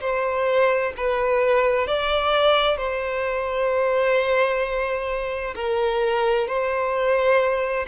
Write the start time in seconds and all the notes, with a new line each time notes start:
0.00 C5
0.96 B4
1.87 D5
2.77 C5
5.55 A#4
6.47 C5